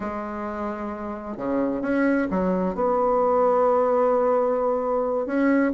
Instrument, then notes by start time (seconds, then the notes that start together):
bassoon
0.00 G#3
1.37 C#3
1.81 C#4
2.30 F#3
2.74 B3
5.26 C#4